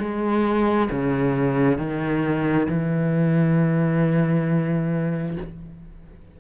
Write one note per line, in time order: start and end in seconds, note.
0.00 0.90 G#3
0.91 1.79 C#3
1.79 2.68 D#3
2.69 5.38 E3